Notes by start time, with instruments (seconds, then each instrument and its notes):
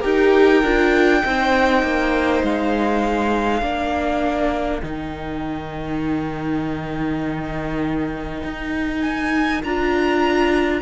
0.00 cello D#4, viola G4, violin A#4 G5
0.62 cello D4, viola F4
1.22 cello C4, viola D#4, violin C5
1.82 cello A#3
2.42 cello G#3, violin F5
3.62 cello A#3, viola D4, violin A#4
4.82 cello D#3, viola D#4, violin G5
8.43 cello D#4
9.01 violin G#5
9.63 cello D4, viola F4, violin A#5